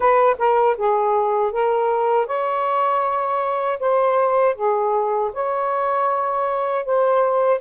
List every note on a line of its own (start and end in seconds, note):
0.00 0.36 B4
0.38 0.76 A#4
0.77 1.52 G#4
1.52 2.26 A#4
2.26 3.78 C#5
3.79 4.55 C5
4.55 5.31 G#4
5.33 6.85 C#5
6.85 7.60 C5